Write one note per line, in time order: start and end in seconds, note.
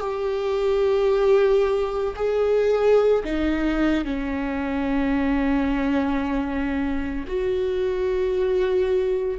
0.00 2.14 G4
2.16 3.23 G#4
3.24 4.04 D#4
4.04 7.26 C#4
7.27 9.38 F#4